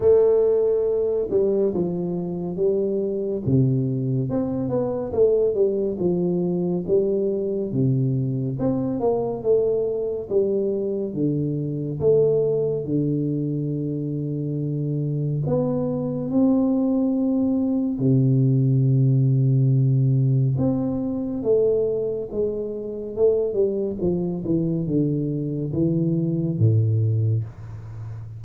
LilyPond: \new Staff \with { instrumentName = "tuba" } { \time 4/4 \tempo 4 = 70 a4. g8 f4 g4 | c4 c'8 b8 a8 g8 f4 | g4 c4 c'8 ais8 a4 | g4 d4 a4 d4~ |
d2 b4 c'4~ | c'4 c2. | c'4 a4 gis4 a8 g8 | f8 e8 d4 e4 a,4 | }